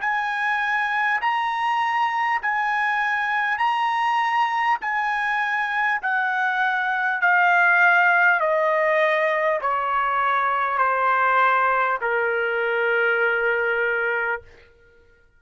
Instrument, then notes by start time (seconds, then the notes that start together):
trumpet
0.00 G#5
1.21 A#5
2.42 G#5
3.57 A#5
4.81 G#5
6.02 F#5
7.21 F5
8.40 D#5
9.61 C#5
10.78 C5
12.01 A#4